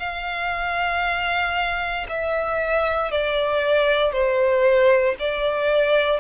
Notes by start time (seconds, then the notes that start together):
0.00 F5
2.09 E5
3.12 D5
4.13 C5
5.20 D5